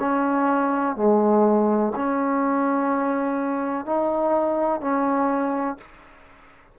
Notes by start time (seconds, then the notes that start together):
0.00 C#4
0.96 G#3
1.96 C#4
3.86 D#4
4.81 C#4